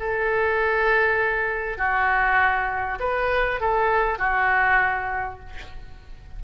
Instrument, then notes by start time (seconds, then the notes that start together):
oboe
0.00 A4
1.78 F#4
3.00 B4
3.61 A4
4.19 F#4